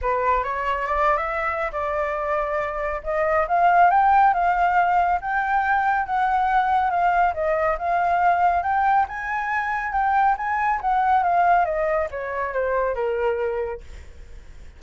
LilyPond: \new Staff \with { instrumentName = "flute" } { \time 4/4 \tempo 4 = 139 b'4 cis''4 d''8. e''4~ e''16 | d''2. dis''4 | f''4 g''4 f''2 | g''2 fis''2 |
f''4 dis''4 f''2 | g''4 gis''2 g''4 | gis''4 fis''4 f''4 dis''4 | cis''4 c''4 ais'2 | }